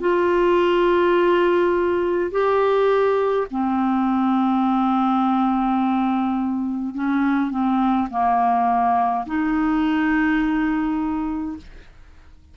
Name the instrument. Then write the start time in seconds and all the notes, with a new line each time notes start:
clarinet
0.00 F4
2.31 G4
3.50 C4
6.94 C#4
7.50 C4
8.10 A#3
9.26 D#4